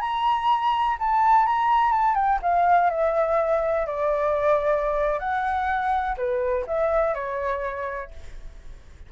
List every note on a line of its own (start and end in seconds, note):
0.00 0.97 A#5
0.99 1.46 A5
1.46 1.92 A#5
1.92 2.15 A5
2.15 2.39 G5
2.41 2.90 F5
2.90 3.86 E5
3.86 5.19 D5
5.19 6.16 F#5
6.17 6.65 B4
6.67 7.14 E5
7.14 8.11 C#5